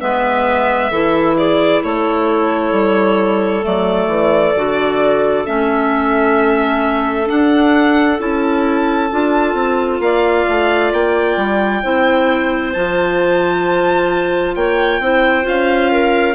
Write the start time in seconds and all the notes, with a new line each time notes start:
0.00 G#3 B3 B4 E5
0.90 E3 E4 A4
1.36 G#4 D5
1.83 A3 A4 C#5
2.71 G3
3.62 F#3 A3 D5
4.07 E3
4.55 D3 F#4
5.45 A3 C#4 E5
7.26 D4 F#5
8.18 C#4 E4 A5
9.11 D4 F4
9.53 C4
9.99 A#3 D5 F5
10.48 A3
10.92 A#3 G5
11.36 G3
11.83 C4 E4 C5
12.72 F3 F4 A5
14.55 A#3 C#5 G5
14.99 C4 E4 C5
15.42 C#4 F4 F5
15.91 A#4